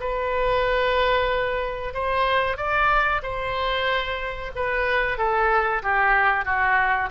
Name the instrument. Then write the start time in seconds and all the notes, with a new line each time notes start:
oboe
0.00 B4
1.94 C5
2.57 D5
3.23 C5
4.55 B4
5.18 A4
5.82 G4
6.45 F#4